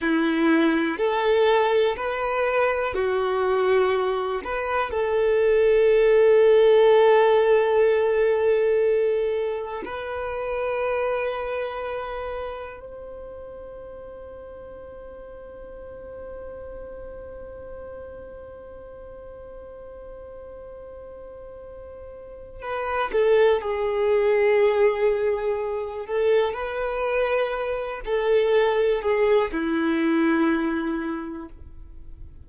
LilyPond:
\new Staff \with { instrumentName = "violin" } { \time 4/4 \tempo 4 = 61 e'4 a'4 b'4 fis'4~ | fis'8 b'8 a'2.~ | a'2 b'2~ | b'4 c''2.~ |
c''1~ | c''2. b'8 a'8 | gis'2~ gis'8 a'8 b'4~ | b'8 a'4 gis'8 e'2 | }